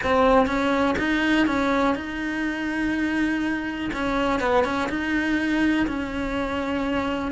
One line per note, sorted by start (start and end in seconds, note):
0.03 0.46 C4
0.46 0.95 C#4
0.98 1.46 D#4
1.46 1.95 C#4
1.95 3.90 D#4
3.93 4.40 C#4
4.40 4.64 B3
4.64 4.88 C#4
4.89 5.86 D#4
5.87 7.31 C#4